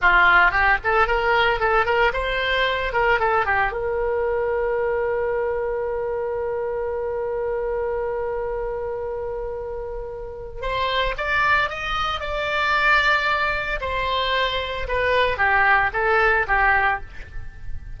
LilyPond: \new Staff \with { instrumentName = "oboe" } { \time 4/4 \tempo 4 = 113 f'4 g'8 a'8 ais'4 a'8 ais'8 | c''4. ais'8 a'8 g'8 ais'4~ | ais'1~ | ais'1~ |
ais'1 | c''4 d''4 dis''4 d''4~ | d''2 c''2 | b'4 g'4 a'4 g'4 | }